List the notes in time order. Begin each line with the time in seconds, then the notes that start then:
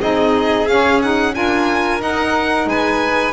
0.00 C4 D#4 G#4 D#5
0.67 C#4 F5
1.02 D#4 F#5
1.32 D4 F4 A#4 G#5
1.99 D#4 F#5
2.66 G#3 B4 G#5